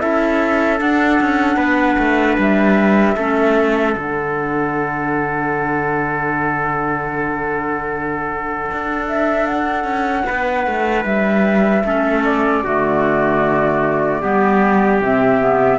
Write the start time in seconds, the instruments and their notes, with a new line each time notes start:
0.00 cello C#4, clarinet E4, trumpet A4, flute E5
0.79 clarinet D4, cello D4, flute F#5
1.21 cello C#4
1.57 cello B3, trumpet B4
1.99 cello A3
2.38 cello G3, flute E5
3.16 cello A3, clarinet C#4, trumpet A4
3.95 cello D3, clarinet D4, flute F#5
8.72 cello D4
9.08 flute E5
9.47 flute F#5
9.85 cello C#4
10.27 cello B3, trumpet B4
10.67 cello A3
11.05 cello G3, flute E5
11.85 cello A3, clarinet C#4, trumpet A4
12.25 flute D5
12.64 cello D3, clarinet A3, trumpet F#4
14.22 cello G3, clarinet B3, trumpet G4
15.01 cello C3, clarinet C4, flute E5
15.42 clarinet B3